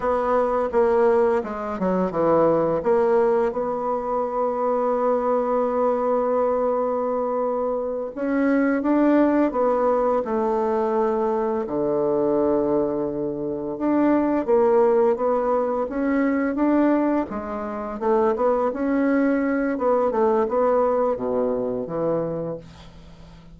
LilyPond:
\new Staff \with { instrumentName = "bassoon" } { \time 4/4 \tempo 4 = 85 b4 ais4 gis8 fis8 e4 | ais4 b2.~ | b2.~ b8 cis'8~ | cis'8 d'4 b4 a4.~ |
a8 d2. d'8~ | d'8 ais4 b4 cis'4 d'8~ | d'8 gis4 a8 b8 cis'4. | b8 a8 b4 b,4 e4 | }